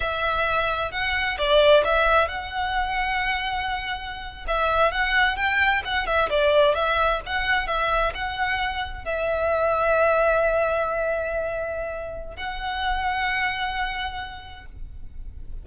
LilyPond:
\new Staff \with { instrumentName = "violin" } { \time 4/4 \tempo 4 = 131 e''2 fis''4 d''4 | e''4 fis''2.~ | fis''4.~ fis''16 e''4 fis''4 g''16~ | g''8. fis''8 e''8 d''4 e''4 fis''16~ |
fis''8. e''4 fis''2 e''16~ | e''1~ | e''2. fis''4~ | fis''1 | }